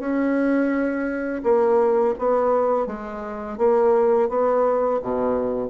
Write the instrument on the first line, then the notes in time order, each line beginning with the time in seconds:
bassoon
0.00 C#4
1.44 A#3
2.19 B3
2.87 G#3
3.58 A#3
4.30 B3
5.03 B2